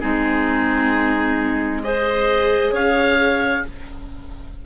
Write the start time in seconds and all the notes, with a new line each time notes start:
0.00 G#3 C4 D#4 G#4
1.83 G#4 C5 D#5
2.72 C#4 C#5 F5